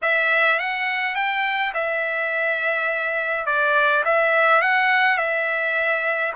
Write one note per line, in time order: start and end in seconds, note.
0.02 0.59 E5
0.59 1.15 F#5
1.15 1.73 G5
1.74 3.46 E5
3.46 4.03 D5
4.04 4.61 E5
4.61 5.17 F#5
5.17 6.33 E5